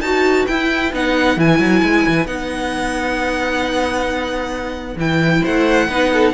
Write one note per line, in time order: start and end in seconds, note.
0.00 0.45 D#4
0.00 0.48 F#4
0.00 5.42 B4
0.00 0.46 A5
0.47 0.93 E4
0.47 0.92 E4
0.47 0.92 G5
0.92 1.36 B3
0.92 1.37 D#4
0.92 1.39 F#5
1.36 1.59 E3
1.36 2.26 E4
1.36 2.26 G#5
1.59 1.81 F#3
1.82 2.05 G#3
2.07 2.25 E3
2.25 4.96 B3
2.25 4.97 D#4
2.25 4.97 F#5
4.96 5.41 E3
4.96 5.89 E4
4.96 5.45 G5
5.42 5.88 A3
5.42 5.87 C5
5.42 6.33 F#5
5.88 6.33 B3
5.88 6.33 D#4
5.88 6.11 B4
6.13 6.33 A4